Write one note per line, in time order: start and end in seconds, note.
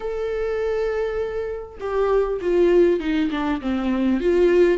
0.00 1.78 A4
1.79 2.39 G4
2.41 3.00 F4
3.00 3.30 D#4
3.30 3.60 D4
3.61 4.20 C4
4.20 4.78 F4